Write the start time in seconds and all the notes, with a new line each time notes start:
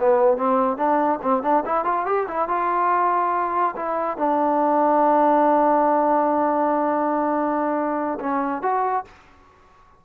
0.00 B3
0.38 C4
0.77 D4
1.23 C4
1.43 D4
1.66 E4
1.85 F4
2.06 G4
2.28 E4
2.49 F4
3.76 E4
4.18 D4
8.20 C#4
8.63 F#4